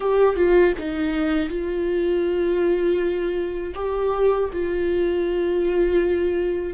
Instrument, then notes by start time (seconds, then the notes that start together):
viola
0.00 G4
0.35 F4
0.78 D#4
1.49 F4
3.74 G4
4.52 F4